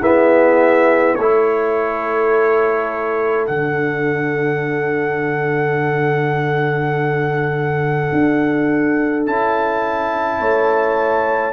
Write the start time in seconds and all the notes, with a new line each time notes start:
0.00 B3 E4 G#4 E5
1.15 A3 A4 C#5
1.21 E4
3.47 D3 D4 F#5
8.12 D4
9.26 C#4 E4 A5
10.39 A3 C#5